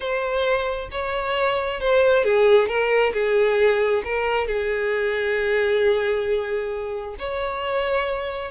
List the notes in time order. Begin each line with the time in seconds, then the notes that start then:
0.00 C5
0.91 C#5
1.80 C5
2.24 G#4
2.68 A#4
3.13 G#4
4.04 A#4
4.47 G#4
7.18 C#5